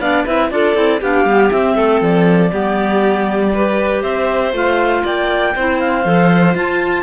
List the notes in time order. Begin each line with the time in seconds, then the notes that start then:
0.00 B3 D4 D5 F5
0.25 C4 E4 B4 E5
0.51 D4 F4 A4 D5
0.75 C4 E4
1.00 B3 D4 G4 F5
1.25 G3 B3
1.51 C4 E5
1.76 A3 A4
2.01 F3 D5
2.51 G3 B3 G4
3.54 G4 B4
4.02 C4 C5 E5
4.53 A3 F4 F5
5.04 A#3 D5 G5
5.55 C4 E4 C5
5.80 F5
6.05 F3 A4
6.55 F4 A5